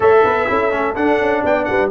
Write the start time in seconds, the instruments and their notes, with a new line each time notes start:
0.00 tuba A3, trombone A4, horn C#5, trumpet E5
0.23 tuba B3, horn B4
0.46 tuba C#4, trombone E4, horn A4
0.70 tuba A3, trombone C#4
0.95 trombone D4, tuba D4, trumpet F#5
1.20 tuba C#4
1.43 tuba B3, horn D5, trumpet G5
1.64 tuba G3, horn B4, trumpet F#5